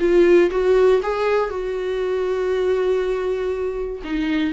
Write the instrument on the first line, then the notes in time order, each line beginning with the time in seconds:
viola
0.00 F4
0.51 F#4
1.03 G#4
1.50 F#4
4.04 D#4